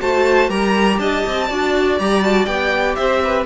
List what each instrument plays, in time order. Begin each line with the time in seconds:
0.00 cello A3, viola F#4, violin C5 A5
0.49 cello G3, viola G4, violin A#4 A#5
0.98 cello D4, violin D#5 A5
1.27 cello C4
1.47 cello D4, viola F#4, violin D5
1.99 cello G3, viola G4, violin A#5
2.22 viola F#4, violin A5
2.46 cello B3, viola G4, violin G5
2.96 cello C4, violin C5 E5
3.24 violin B4